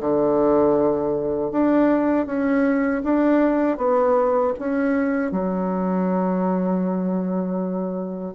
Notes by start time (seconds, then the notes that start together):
0.00 D3
1.51 D4
2.26 C#4
3.04 D4
3.77 B3
4.59 C#4
5.31 F#3